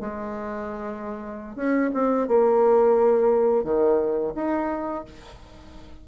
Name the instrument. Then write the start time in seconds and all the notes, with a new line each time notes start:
bassoon
0.00 G#3
1.56 C#4
1.94 C4
2.27 A#3
3.63 D#3
4.35 D#4